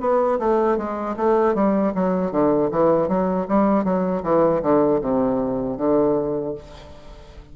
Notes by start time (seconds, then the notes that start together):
0.00 B3
0.39 A3
0.77 G#3
1.17 A3
1.55 G3
1.95 F#3
2.31 D3
2.71 E3
3.08 F#3
3.48 G3
3.84 F#3
4.23 E3
4.62 D3
5.01 C3
5.78 D3